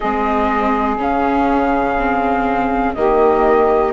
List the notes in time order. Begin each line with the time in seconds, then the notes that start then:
0.00 G#3 C4 G#4 D#5
0.97 C#3 C#4 F5
1.98 C4
2.94 D#3 A#3 G4 D#5